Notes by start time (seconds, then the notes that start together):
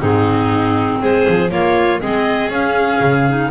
0.00 G#2 C4 D#4 G#4
1.01 G#3 G#4 C5
1.29 F3
1.51 A#3 F4 C#5
2.01 G#3 C4 G#4 D#5
2.49 C#4 F5
3.00 C#3
3.28 D#4